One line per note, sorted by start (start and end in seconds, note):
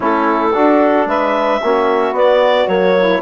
0.00 0.54 A3
0.00 0.51 C#4
0.00 0.52 E4
0.00 1.08 A4
0.52 1.60 D4
0.52 1.05 D4
0.52 1.06 F#4
1.05 1.59 G#3
1.05 1.61 B4
1.05 2.15 E5
1.62 2.11 A#3
1.62 2.14 C#4
1.62 2.96 F#4
2.11 2.65 B3
2.11 2.67 B3
2.11 2.68 D5
2.67 3.21 F#3
2.67 3.21 A#3
2.67 3.21 C#5
2.98 3.21 E4